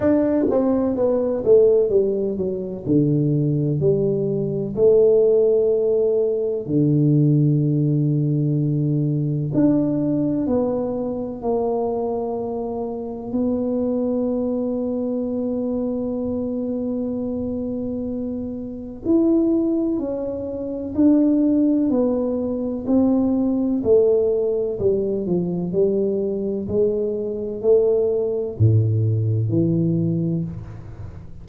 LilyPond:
\new Staff \with { instrumentName = "tuba" } { \time 4/4 \tempo 4 = 63 d'8 c'8 b8 a8 g8 fis8 d4 | g4 a2 d4~ | d2 d'4 b4 | ais2 b2~ |
b1 | e'4 cis'4 d'4 b4 | c'4 a4 g8 f8 g4 | gis4 a4 a,4 e4 | }